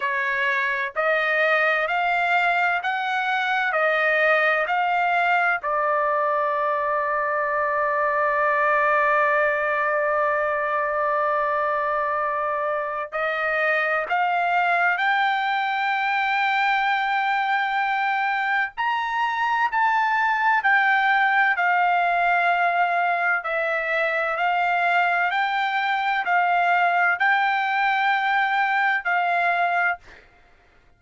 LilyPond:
\new Staff \with { instrumentName = "trumpet" } { \time 4/4 \tempo 4 = 64 cis''4 dis''4 f''4 fis''4 | dis''4 f''4 d''2~ | d''1~ | d''2 dis''4 f''4 |
g''1 | ais''4 a''4 g''4 f''4~ | f''4 e''4 f''4 g''4 | f''4 g''2 f''4 | }